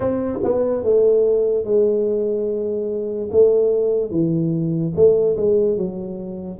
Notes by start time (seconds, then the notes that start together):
0.00 C4
0.43 B3
0.83 A3
1.64 G#3
3.31 A3
4.10 E3
4.95 A3
5.36 G#3
5.77 F#3